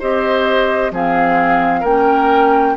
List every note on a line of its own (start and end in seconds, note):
0.00 0.92 C4
0.00 0.93 G4
0.00 0.92 C5
0.00 0.93 D#5
0.92 1.84 F3
0.92 1.85 C4
0.92 1.81 G#4
0.92 1.85 F5
1.81 2.76 A#3
1.81 2.77 C#4
1.81 2.73 A#4
1.81 2.77 G5